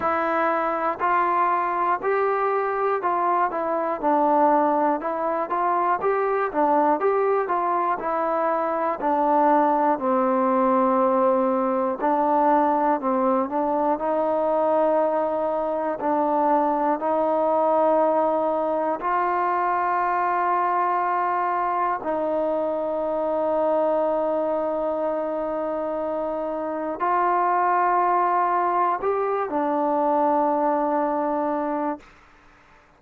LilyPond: \new Staff \with { instrumentName = "trombone" } { \time 4/4 \tempo 4 = 60 e'4 f'4 g'4 f'8 e'8 | d'4 e'8 f'8 g'8 d'8 g'8 f'8 | e'4 d'4 c'2 | d'4 c'8 d'8 dis'2 |
d'4 dis'2 f'4~ | f'2 dis'2~ | dis'2. f'4~ | f'4 g'8 d'2~ d'8 | }